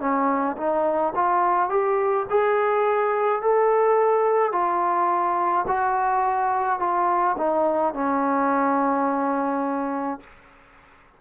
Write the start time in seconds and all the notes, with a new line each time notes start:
0.00 C#4
0.57 D#4
1.15 F4
1.70 G4
2.31 G#4
3.42 A4
4.52 F4
5.68 F#4
6.80 F4
7.37 D#4
7.94 C#4